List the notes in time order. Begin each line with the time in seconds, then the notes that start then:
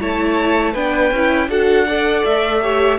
0.00 A3 E4 C#5 A5
0.73 B3 D4 B4 G5
1.11 C#4 E4
1.48 D4 F#4 A4 F#5
1.87 A4 D5
2.25 A3 E5
2.62 G4 C#5